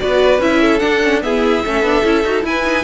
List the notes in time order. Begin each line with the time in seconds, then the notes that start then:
0.00 B3 F#4 B4 D5
0.39 C#4 E4 E5
0.62 A4
0.80 D4 F#5
1.04 C#4
1.22 B3 E4 G#4 E5
1.65 A3 C#4 A4
1.82 B3 D4
2.04 C#4 E4
2.24 D#4 F#4
2.43 E4 G#5
2.49 B4
2.65 D#4